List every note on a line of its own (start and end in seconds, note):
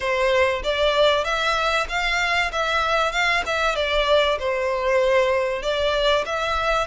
0.00 0.62 C5
0.63 1.24 D5
1.24 1.86 E5
1.88 2.51 F5
2.51 3.11 E5
3.11 3.43 F5
3.45 3.75 E5
3.75 4.38 D5
4.39 5.62 C5
5.62 6.24 D5
6.25 6.87 E5